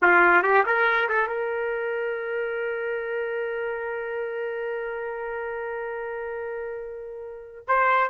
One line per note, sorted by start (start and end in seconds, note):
0.02 0.43 F4
0.43 0.64 G4
0.65 1.08 A#4
1.09 1.27 A4
1.27 7.65 A#4
7.67 8.10 C5